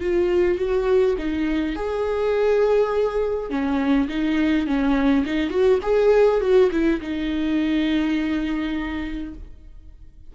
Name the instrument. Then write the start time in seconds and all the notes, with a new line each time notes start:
viola
0.00 F4
0.57 F#4
1.18 D#4
1.75 G#4
3.50 C#4
4.08 D#4
4.66 C#4
5.25 D#4
5.50 F#4
5.82 G#4
6.41 F#4
6.71 E4
7.01 D#4